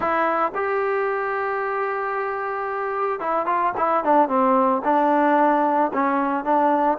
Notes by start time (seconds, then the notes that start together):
0.00 E4
0.54 G4
3.20 E4
3.46 F4
3.77 E4
4.03 D4
4.28 C4
4.84 D4
5.93 C#4
6.44 D4